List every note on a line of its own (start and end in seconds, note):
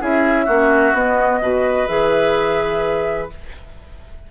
0.00 0.48 C#4
0.00 0.47 E4
0.00 0.45 G#4
0.00 0.96 E5
0.45 0.93 A#3
0.45 0.94 C#4
0.45 1.40 F#4
0.93 1.40 B3
0.93 1.42 B3
0.93 1.87 D#5
1.42 1.89 B2
1.42 1.88 F#4
1.42 3.31 B4
1.87 3.31 E3
1.87 3.29 G#4
1.87 3.29 E5